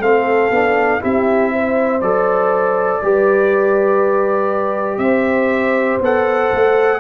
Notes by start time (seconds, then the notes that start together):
0.00 A3 C4 A4 F5
0.51 B3 D4
1.01 C4 E4 G4 E5
1.52 C5
2.01 F#3 A4 D5
3.03 G3 G4 B4
4.98 C4 C5 E5
6.01 B3 A4 F#5
6.53 A3